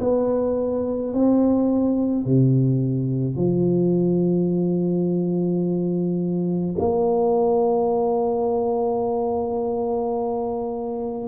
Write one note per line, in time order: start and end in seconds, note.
0.00 1.13 B3
1.13 2.25 C4
2.25 3.36 C3
3.36 6.76 F3
6.79 11.28 A#3